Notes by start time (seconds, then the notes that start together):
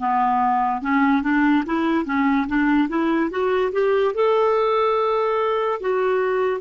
0.00 B3
0.82 C#4
1.23 D4
1.67 E4
2.06 C#4
2.48 D4
2.89 E4
3.31 F#4
3.73 G4
4.15 A4
5.81 F#4